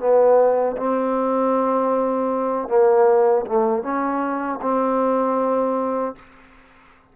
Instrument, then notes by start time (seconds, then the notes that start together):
trombone
0.00 B3
0.78 C4
2.69 A#3
3.47 A3
3.83 C#4
4.62 C4